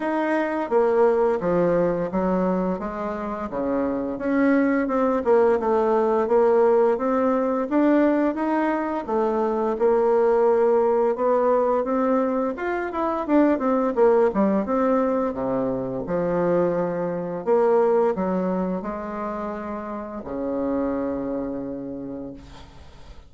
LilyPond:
\new Staff \with { instrumentName = "bassoon" } { \time 4/4 \tempo 4 = 86 dis'4 ais4 f4 fis4 | gis4 cis4 cis'4 c'8 ais8 | a4 ais4 c'4 d'4 | dis'4 a4 ais2 |
b4 c'4 f'8 e'8 d'8 c'8 | ais8 g8 c'4 c4 f4~ | f4 ais4 fis4 gis4~ | gis4 cis2. | }